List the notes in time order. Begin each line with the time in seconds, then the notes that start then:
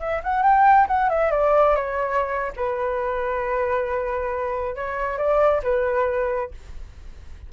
0.00 E5
0.23 F#5
0.43 G5
0.87 F#5
1.09 E5
1.31 D5
1.75 C#5
2.56 B4
4.76 C#5
5.18 D5
5.63 B4